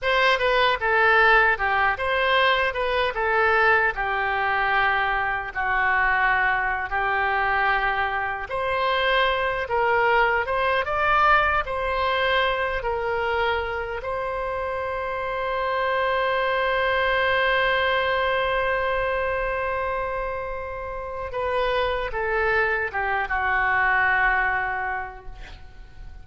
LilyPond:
\new Staff \with { instrumentName = "oboe" } { \time 4/4 \tempo 4 = 76 c''8 b'8 a'4 g'8 c''4 b'8 | a'4 g'2 fis'4~ | fis'8. g'2 c''4~ c''16~ | c''16 ais'4 c''8 d''4 c''4~ c''16~ |
c''16 ais'4. c''2~ c''16~ | c''1~ | c''2. b'4 | a'4 g'8 fis'2~ fis'8 | }